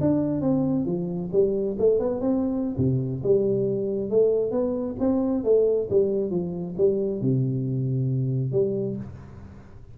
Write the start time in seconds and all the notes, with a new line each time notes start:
0.00 D4
0.41 C4
0.85 F3
1.32 G3
1.78 A3
1.99 B3
2.20 C4
2.77 C3
3.23 G3
4.09 A3
4.51 B3
4.99 C4
5.43 A3
5.90 G3
6.30 F3
6.77 G3
7.21 C3
8.52 G3